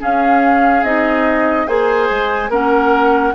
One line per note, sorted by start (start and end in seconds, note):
0.00 0.83 C#4
0.00 1.67 G#4
0.00 0.84 F5
0.83 1.67 C4
0.83 1.67 D#4
0.83 1.68 D#5
1.67 2.10 A#3
1.67 2.51 G#4
1.67 2.50 C5
1.67 2.51 G#5
2.10 2.50 G#3
2.50 3.33 A#3
2.50 3.35 C#4
2.50 3.34 A#4
2.50 3.36 F#5